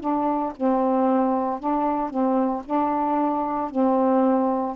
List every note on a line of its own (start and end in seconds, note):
0.00 0.53 D4
0.56 1.60 C4
1.60 2.10 D4
2.10 2.62 C4
2.65 3.70 D4
3.70 4.76 C4